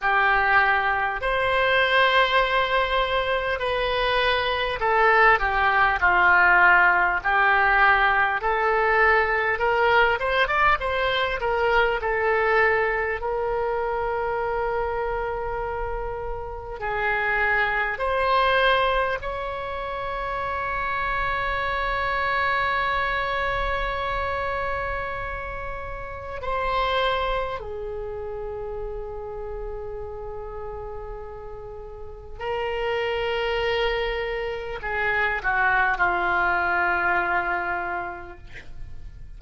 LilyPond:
\new Staff \with { instrumentName = "oboe" } { \time 4/4 \tempo 4 = 50 g'4 c''2 b'4 | a'8 g'8 f'4 g'4 a'4 | ais'8 c''16 d''16 c''8 ais'8 a'4 ais'4~ | ais'2 gis'4 c''4 |
cis''1~ | cis''2 c''4 gis'4~ | gis'2. ais'4~ | ais'4 gis'8 fis'8 f'2 | }